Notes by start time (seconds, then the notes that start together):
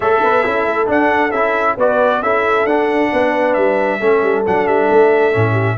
0.00 A3 A4 C#5 E5
0.22 B3 B4
0.43 C#4 E4 A4
0.66 A3
0.86 D4 F#5
1.31 C#4 E4 E5
1.77 B3 F#4 B4 D5
2.22 C#4 E4 A4 E5
2.64 D4 F#5
3.12 B3 B4
3.53 G3 E5
3.99 A3 C#4 A4
4.22 G3
4.45 F#3 D4 F#5
4.67 G3 E5
4.91 A3
5.32 A2 C#4
5.51 G4